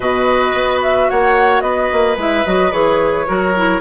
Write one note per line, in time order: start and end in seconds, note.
0.00 0.54 B2
0.00 2.16 F#4
0.00 1.09 B4
0.00 0.80 D#5
0.54 1.08 B3
0.82 1.09 E5
1.09 1.61 A#3
1.09 1.63 C#5
1.09 1.61 F#5
1.61 1.89 B3
1.61 3.26 B4
1.61 2.15 D#5
1.92 2.16 A#3
2.16 2.44 G#3
2.16 2.44 E4
2.16 2.45 E5
2.45 2.72 F#3
2.45 2.71 F#4
2.45 2.71 D#5
2.71 3.27 E3
2.71 3.25 G#4
2.71 3.80 C#5
3.26 3.80 F#3
3.26 3.54 F#4
3.26 3.80 A#4
3.56 3.80 E4